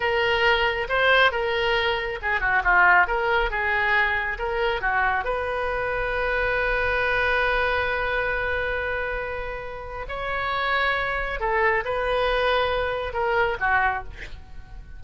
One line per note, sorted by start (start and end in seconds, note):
0.00 0.87 A#4
0.88 1.31 C5
1.31 2.19 A#4
2.21 2.40 G#4
2.40 2.62 F#4
2.64 3.07 F4
3.07 3.50 A#4
3.50 4.38 G#4
4.38 4.81 A#4
4.81 5.24 F#4
5.24 10.06 B4
10.08 11.39 C#5
11.40 11.83 A4
11.85 13.13 B4
13.13 13.57 A#4
13.60 14.03 F#4